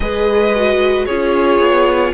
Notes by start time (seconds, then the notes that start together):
0.00 G#3 G#4 B4 D#5
0.55 F#4
1.05 C#4 F4 G#4 C#5
1.59 B3